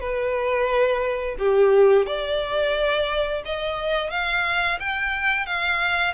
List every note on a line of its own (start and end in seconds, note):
0.00 1.36 B4
1.39 2.06 G4
2.06 3.43 D5
3.45 4.11 D#5
4.11 4.79 F5
4.79 5.46 G5
5.46 6.14 F5